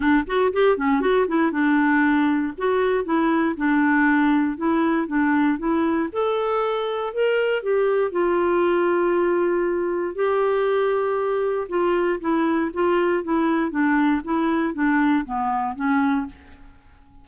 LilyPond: \new Staff \with { instrumentName = "clarinet" } { \time 4/4 \tempo 4 = 118 d'8 fis'8 g'8 cis'8 fis'8 e'8 d'4~ | d'4 fis'4 e'4 d'4~ | d'4 e'4 d'4 e'4 | a'2 ais'4 g'4 |
f'1 | g'2. f'4 | e'4 f'4 e'4 d'4 | e'4 d'4 b4 cis'4 | }